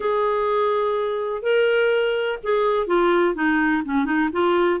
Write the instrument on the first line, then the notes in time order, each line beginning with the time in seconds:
clarinet
0.00 G#4
1.42 A#4
2.43 G#4
2.86 F4
3.35 D#4
3.85 C#4
4.05 D#4
4.32 F4